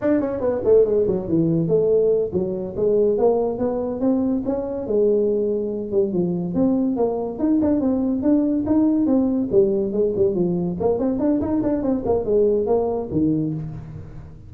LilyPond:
\new Staff \with { instrumentName = "tuba" } { \time 4/4 \tempo 4 = 142 d'8 cis'8 b8 a8 gis8 fis8 e4 | a4. fis4 gis4 ais8~ | ais8 b4 c'4 cis'4 gis8~ | gis2 g8 f4 c'8~ |
c'8 ais4 dis'8 d'8 c'4 d'8~ | d'8 dis'4 c'4 g4 gis8 | g8 f4 ais8 c'8 d'8 dis'8 d'8 | c'8 ais8 gis4 ais4 dis4 | }